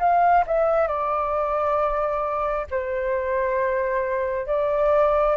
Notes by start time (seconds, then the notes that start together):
0.00 F5
0.47 E5
0.88 D5
2.71 C5
4.47 D5